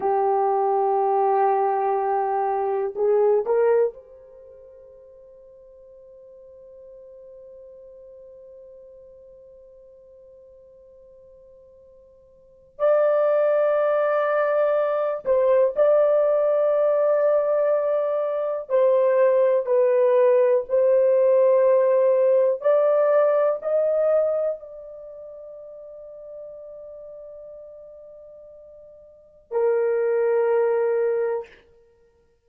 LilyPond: \new Staff \with { instrumentName = "horn" } { \time 4/4 \tempo 4 = 61 g'2. gis'8 ais'8 | c''1~ | c''1~ | c''4 d''2~ d''8 c''8 |
d''2. c''4 | b'4 c''2 d''4 | dis''4 d''2.~ | d''2 ais'2 | }